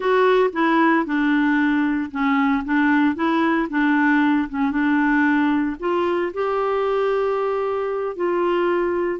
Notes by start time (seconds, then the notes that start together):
0.00 F#4
0.52 E4
1.05 D4
2.11 C#4
2.65 D4
3.15 E4
3.69 D4
4.49 C#4
4.71 D4
5.79 F4
6.33 G4
8.16 F4